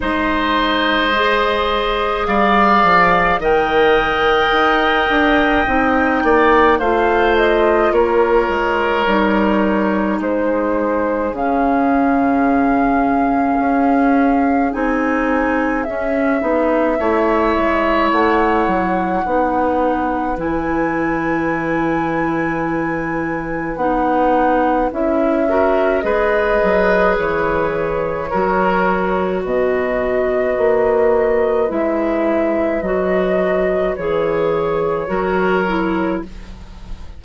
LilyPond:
<<
  \new Staff \with { instrumentName = "flute" } { \time 4/4 \tempo 4 = 53 dis''2 f''4 g''4~ | g''2 f''8 dis''8 cis''4~ | cis''4 c''4 f''2~ | f''4 gis''4 e''2 |
fis''2 gis''2~ | gis''4 fis''4 e''4 dis''4 | cis''2 dis''2 | e''4 dis''4 cis''2 | }
  \new Staff \with { instrumentName = "oboe" } { \time 4/4 c''2 d''4 dis''4~ | dis''4. d''8 c''4 ais'4~ | ais'4 gis'2.~ | gis'2. cis''4~ |
cis''4 b'2.~ | b'2~ b'8 ais'8 b'4~ | b'4 ais'4 b'2~ | b'2. ais'4 | }
  \new Staff \with { instrumentName = "clarinet" } { \time 4/4 dis'4 gis'2 ais'4~ | ais'4 dis'4 f'2 | dis'2 cis'2~ | cis'4 dis'4 cis'8 dis'8 e'4~ |
e'4 dis'4 e'2~ | e'4 dis'4 e'8 fis'8 gis'4~ | gis'4 fis'2. | e'4 fis'4 gis'4 fis'8 e'8 | }
  \new Staff \with { instrumentName = "bassoon" } { \time 4/4 gis2 g8 f8 dis4 | dis'8 d'8 c'8 ais8 a4 ais8 gis8 | g4 gis4 cis2 | cis'4 c'4 cis'8 b8 a8 gis8 |
a8 fis8 b4 e2~ | e4 b4 cis'4 gis8 fis8 | e4 fis4 b,4 ais4 | gis4 fis4 e4 fis4 | }
>>